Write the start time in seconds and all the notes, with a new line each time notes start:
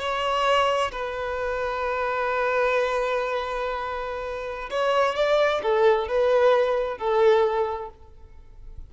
0.00 C#5
0.92 B4
4.71 C#5
5.15 D5
5.63 A4
6.08 B4
6.98 A4